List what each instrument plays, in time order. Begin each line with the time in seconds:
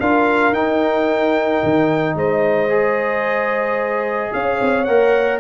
0.00 tuba D4, trombone F4, horn A#4, trumpet F5
0.52 tuba D#4, trombone D#4, trumpet G5
1.64 tuba D#3
2.15 tuba G#3, horn C5, trumpet D#5
2.69 trombone G#4
4.33 tuba C#4, horn C#5, trumpet F5
4.61 tuba C4
4.84 tuba A#3, trombone A#4, trumpet F#5